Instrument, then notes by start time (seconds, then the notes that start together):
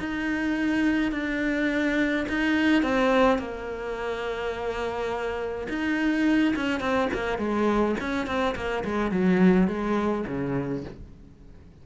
cello
0.00 D#4
1.12 D4
2.29 D#4
2.83 C4
3.39 A#3
5.69 D#4
6.56 C#4
6.81 C4
7.14 A#3
7.39 G#3
8.01 C#4
8.27 C4
8.56 A#3
8.85 G#3
9.12 F#3
9.68 G#3
10.28 C#3